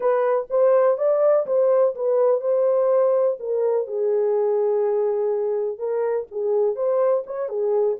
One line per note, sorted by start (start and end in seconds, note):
0.00 0.47 B4
0.49 0.97 C5
0.97 1.45 D5
1.46 1.95 C5
1.95 2.40 B4
2.40 3.37 C5
3.39 3.87 A#4
3.87 5.78 G#4
5.78 6.26 A#4
6.31 6.75 G#4
6.75 7.24 C5
7.26 7.48 C#5
7.48 7.97 G#4